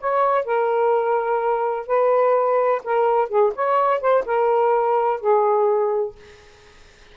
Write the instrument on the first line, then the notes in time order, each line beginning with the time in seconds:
saxophone
0.00 C#5
0.45 A#4
1.87 B4
2.84 A#4
3.29 G#4
3.55 C#5
4.00 C5
4.26 A#4
5.20 G#4